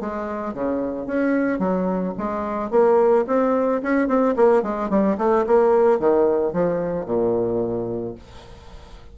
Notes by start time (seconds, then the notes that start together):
0.00 G#3
0.54 C#3
1.06 C#4
1.59 F#3
2.18 G#3
2.70 A#3
3.27 C4
3.83 C#4
4.08 C4
4.36 A#3
4.62 G#3
4.90 G3
5.18 A3
5.46 A#3
6.00 D#3
6.53 F3
7.06 A#2